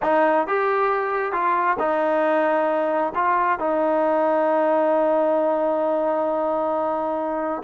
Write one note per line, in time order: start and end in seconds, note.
0.02 0.47 D#4
0.47 1.32 G4
1.32 1.77 F4
1.79 3.13 D#4
3.14 3.59 F4
3.59 7.62 D#4